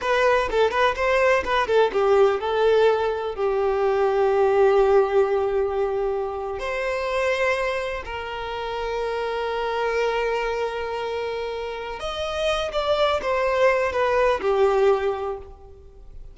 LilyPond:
\new Staff \with { instrumentName = "violin" } { \time 4/4 \tempo 4 = 125 b'4 a'8 b'8 c''4 b'8 a'8 | g'4 a'2 g'4~ | g'1~ | g'4.~ g'16 c''2~ c''16~ |
c''8. ais'2.~ ais'16~ | ais'1~ | ais'4 dis''4. d''4 c''8~ | c''4 b'4 g'2 | }